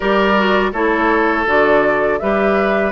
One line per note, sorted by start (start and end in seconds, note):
0.00 0.72 G3
0.00 0.35 G4
0.00 0.70 A#4
0.00 0.72 D5
0.36 0.73 F#4
0.72 1.46 A3
0.72 1.46 E4
0.72 2.19 A4
0.72 1.46 C#5
1.46 2.19 D3
1.46 2.19 F#4
1.46 2.18 D5
2.18 2.92 G3
2.18 2.92 G4
2.18 2.92 B4
2.18 2.91 E5